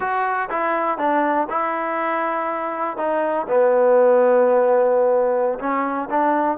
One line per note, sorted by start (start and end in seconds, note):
0.00 0.49 F#4
0.50 0.98 E4
0.98 1.47 D4
1.49 2.97 E4
2.97 3.46 D#4
3.48 5.58 B3
5.59 6.08 C#4
6.09 6.57 D4